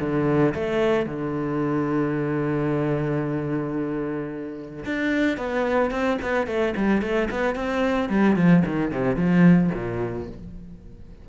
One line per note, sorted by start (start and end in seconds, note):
0.00 0.54 D3
0.55 1.06 A3
1.06 4.85 D3
4.86 5.37 D4
5.37 5.91 B3
5.91 6.18 C4
6.22 6.47 B3
6.47 6.74 A3
6.76 7.02 G3
7.02 7.29 A3
7.31 7.56 B3
7.56 8.10 C4
8.10 8.36 G3
8.36 8.63 F3
8.66 8.92 D#3
8.92 9.16 C3
9.16 9.70 F3
9.74 10.29 A#2